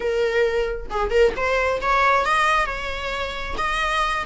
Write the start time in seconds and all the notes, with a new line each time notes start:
0.00 A#4
0.90 G#4
1.10 A#4
1.36 C5
1.81 C#5
2.25 D#5
2.66 C#5
3.57 D#5